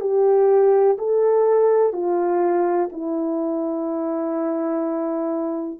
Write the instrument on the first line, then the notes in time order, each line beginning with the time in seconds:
horn
0.00 G4
0.98 A4
1.93 F4
2.92 E4